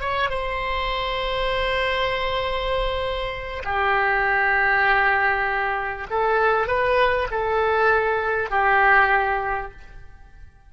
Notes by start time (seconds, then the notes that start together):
0.00 C#5
0.29 C5
3.64 G4
6.10 A4
6.67 B4
7.31 A4
8.50 G4